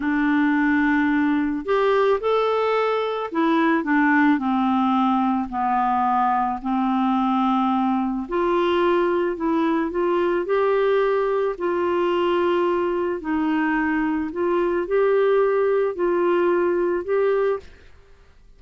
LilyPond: \new Staff \with { instrumentName = "clarinet" } { \time 4/4 \tempo 4 = 109 d'2. g'4 | a'2 e'4 d'4 | c'2 b2 | c'2. f'4~ |
f'4 e'4 f'4 g'4~ | g'4 f'2. | dis'2 f'4 g'4~ | g'4 f'2 g'4 | }